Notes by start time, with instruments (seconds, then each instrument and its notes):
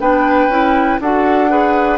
0.00 bassoon B3, clarinet D4, oboe B4, flute G5
0.48 bassoon C#4, clarinet E4
1.01 bassoon D4, clarinet F#4, oboe A4, flute F#5
1.49 clarinet G#4, oboe B4